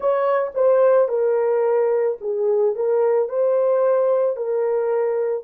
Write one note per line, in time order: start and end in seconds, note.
0.00 0.51 C#5
0.54 1.08 C5
1.08 2.17 A#4
2.20 2.75 G#4
2.75 3.28 A#4
3.28 4.36 C5
4.36 5.43 A#4